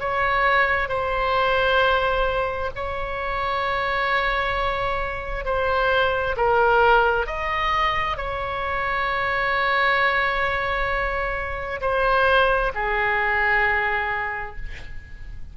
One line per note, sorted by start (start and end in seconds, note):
0.00 0.89 C#5
0.89 2.71 C5
2.76 5.45 C#5
5.45 6.36 C5
6.37 7.26 A#4
7.26 8.17 D#5
8.17 11.81 C#5
11.81 12.72 C5
12.75 14.57 G#4